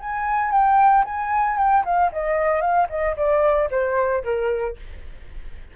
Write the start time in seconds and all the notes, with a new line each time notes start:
0.00 G#5
0.51 G5
1.05 G#5
1.58 G5
1.85 F5
2.12 D#5
2.61 F5
2.89 D#5
3.17 D5
3.71 C5
4.24 A#4